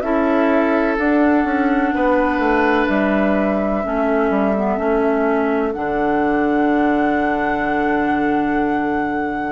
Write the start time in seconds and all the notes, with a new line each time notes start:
0.00 C#4 E4 A4 E5
0.98 D4 F#5
1.44 C#4
1.94 B3 B4
2.38 A3
2.87 G3 E5
3.83 A3 C#4 A4
4.30 G3
4.56 B3
4.78 A3 C#4
5.72 D3 D4 F#5